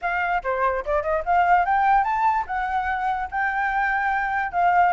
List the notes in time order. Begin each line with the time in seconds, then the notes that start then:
0.01 F5
0.43 C5
0.85 D5
1.02 D#5
1.25 F5
1.65 G5
2.03 A5
2.46 F#5
3.30 G5
4.52 F5